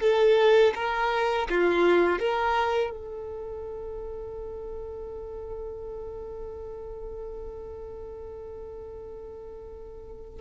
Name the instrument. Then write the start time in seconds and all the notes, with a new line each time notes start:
violin
0.00 A4
0.75 A#4
1.49 F4
2.19 A#4
2.90 A4